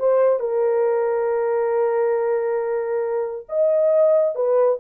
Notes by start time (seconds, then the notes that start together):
0.00 C5
0.40 A#4
3.49 D#5
4.36 B4